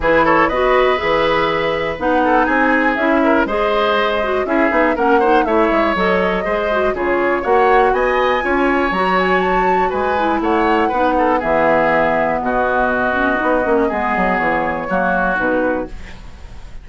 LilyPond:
<<
  \new Staff \with { instrumentName = "flute" } { \time 4/4 \tempo 4 = 121 b'8 cis''8 dis''4 e''2 | fis''4 gis''4 e''4 dis''4~ | dis''4 e''4 fis''4 e''4 | dis''2 cis''4 fis''4 |
gis''2 ais''8 gis''8 a''4 | gis''4 fis''2 e''4~ | e''4 dis''2.~ | dis''4 cis''2 b'4 | }
  \new Staff \with { instrumentName = "oboe" } { \time 4/4 gis'8 a'8 b'2.~ | b'8 a'8 gis'4. ais'8 c''4~ | c''4 gis'4 ais'8 c''8 cis''4~ | cis''4 c''4 gis'4 cis''4 |
dis''4 cis''2. | b'4 cis''4 b'8 a'8 gis'4~ | gis'4 fis'2. | gis'2 fis'2 | }
  \new Staff \with { instrumentName = "clarinet" } { \time 4/4 e'4 fis'4 gis'2 | dis'2 e'4 gis'4~ | gis'8 fis'8 e'8 dis'8 cis'8 dis'8 e'4 | a'4 gis'8 fis'8 f'4 fis'4~ |
fis'4 f'4 fis'2~ | fis'8 e'4. dis'4 b4~ | b2~ b8 cis'8 dis'8 cis'8 | b2 ais4 dis'4 | }
  \new Staff \with { instrumentName = "bassoon" } { \time 4/4 e4 b4 e2 | b4 c'4 cis'4 gis4~ | gis4 cis'8 b8 ais4 a8 gis8 | fis4 gis4 cis4 ais4 |
b4 cis'4 fis2 | gis4 a4 b4 e4~ | e4 b,2 b8 ais8 | gis8 fis8 e4 fis4 b,4 | }
>>